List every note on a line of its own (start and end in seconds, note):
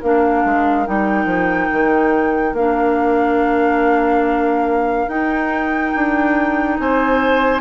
0.00 0.45 A#3
0.00 0.86 D4
0.00 6.76 A#4
0.00 0.87 F5
0.45 0.87 G#3
0.86 1.26 G3
0.86 2.55 D#4
0.86 2.56 G5
1.26 1.68 F3
1.72 2.53 D#3
2.53 5.07 A#3
2.53 5.08 D4
2.53 5.09 F5
5.08 5.93 D#4
5.08 7.61 D#4
5.08 6.78 G5
5.95 6.79 D4
6.79 7.61 C4
6.79 7.61 C5
6.79 7.61 G#5